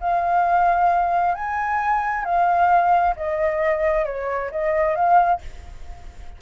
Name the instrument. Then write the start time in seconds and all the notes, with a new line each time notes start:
flute
0.00 F5
1.34 G#5
2.25 F5
3.16 D#5
4.05 C#5
4.51 D#5
4.95 F5